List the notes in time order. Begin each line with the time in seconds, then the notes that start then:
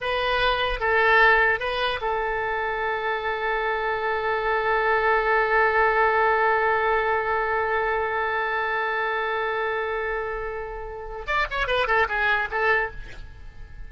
0.00 B4
0.80 A4
1.59 B4
2.01 A4
11.26 D5
11.50 C#5
11.67 B4
11.87 A4
12.08 G#4
12.50 A4